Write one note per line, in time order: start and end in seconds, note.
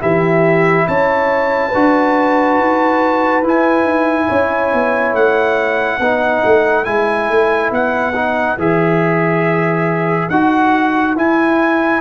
0.00 0.88 E3
0.00 1.71 E4
0.00 0.87 G4
0.00 0.88 E5
0.88 1.74 C#4
0.88 1.69 C#5
0.88 3.45 A5
1.69 2.60 D4
1.69 4.26 B4
1.75 3.44 F#4
2.60 3.42 D#4
3.42 3.84 E4
3.42 6.01 E4
3.42 5.16 G#5
3.84 4.27 D#4
4.29 4.74 C#4
4.29 6.00 C#5
4.74 5.14 B3
5.14 5.99 A3
5.14 6.85 F#5
6.00 6.43 B3
6.00 6.85 D#4
6.00 12.00 B4
6.45 6.87 A3
6.85 7.30 G#3
6.85 8.14 E4
6.85 7.71 G#5
7.30 7.72 A3
7.72 8.57 B3
7.72 8.59 F#5
8.15 8.58 D#4
8.58 10.29 E3
8.58 10.30 G#4
8.58 10.30 E5
10.30 11.16 D#4
10.30 11.17 F#4
10.30 11.16 F#5
11.16 12.01 E4
11.16 12.01 G#5